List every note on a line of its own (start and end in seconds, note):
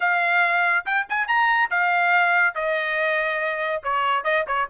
0.00 0.85 F5
0.85 1.06 G5
1.09 1.27 G#5
1.27 1.70 A#5
1.70 2.54 F5
2.54 3.82 D#5
3.83 4.24 C#5
4.24 4.45 D#5
4.47 4.68 C#5